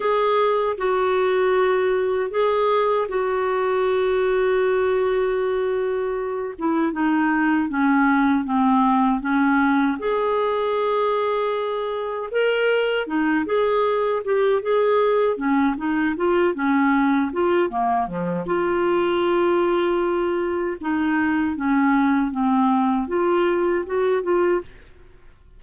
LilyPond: \new Staff \with { instrumentName = "clarinet" } { \time 4/4 \tempo 4 = 78 gis'4 fis'2 gis'4 | fis'1~ | fis'8 e'8 dis'4 cis'4 c'4 | cis'4 gis'2. |
ais'4 dis'8 gis'4 g'8 gis'4 | cis'8 dis'8 f'8 cis'4 f'8 ais8 f8 | f'2. dis'4 | cis'4 c'4 f'4 fis'8 f'8 | }